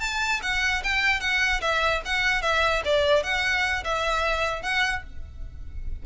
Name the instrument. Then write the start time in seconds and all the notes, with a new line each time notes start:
violin
0.00 A5
0.42 F#5
0.84 G5
1.21 F#5
1.61 E5
2.05 F#5
2.42 E5
2.85 D5
3.23 F#5
3.84 E5
4.63 F#5